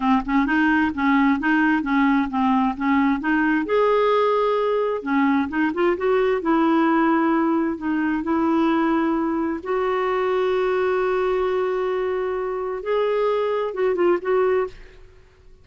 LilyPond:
\new Staff \with { instrumentName = "clarinet" } { \time 4/4 \tempo 4 = 131 c'8 cis'8 dis'4 cis'4 dis'4 | cis'4 c'4 cis'4 dis'4 | gis'2. cis'4 | dis'8 f'8 fis'4 e'2~ |
e'4 dis'4 e'2~ | e'4 fis'2.~ | fis'1 | gis'2 fis'8 f'8 fis'4 | }